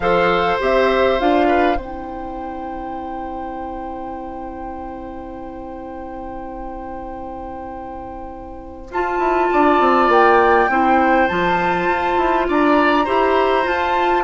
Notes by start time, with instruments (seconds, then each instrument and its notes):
0.00 bassoon F3, clarinet A4, oboe C5, flute F5
0.60 bassoon C4, clarinet G4, flute E5
1.19 bassoon D4, clarinet F4, flute F5
1.47 oboe B4
1.76 bassoon C4, clarinet E4, oboe C5, flute G5
8.90 bassoon F4, clarinet F4, flute A5
9.18 bassoon E4
9.52 bassoon D4, oboe D5
9.79 bassoon C4
10.08 bassoon A#3, flute G5
10.68 bassoon C4, clarinet E4, oboe C5
11.27 bassoon F3, clarinet F4, flute A5
11.88 bassoon F4
12.17 bassoon E4
12.48 bassoon D4, oboe D5, flute A#5
13.05 bassoon E4, clarinet G4, oboe C5
13.63 clarinet F4, bassoon F4, flute A5